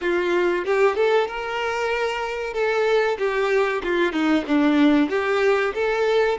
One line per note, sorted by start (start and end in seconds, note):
0.01 0.65 F4
0.65 0.95 G4
0.95 1.27 A4
1.27 2.53 A#4
2.53 3.17 A4
3.18 3.82 G4
3.83 4.12 F4
4.12 4.44 D#4
4.47 5.09 D4
5.09 5.73 G4
5.74 6.38 A4